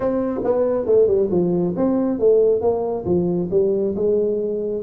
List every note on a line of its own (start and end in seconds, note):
0.00 0.41 C4
0.44 0.86 B3
0.86 1.07 A3
1.07 1.29 G3
1.30 1.74 F3
1.76 2.19 C4
2.19 2.61 A3
2.61 3.04 A#3
3.05 3.49 F3
3.51 3.94 G3
3.95 4.83 G#3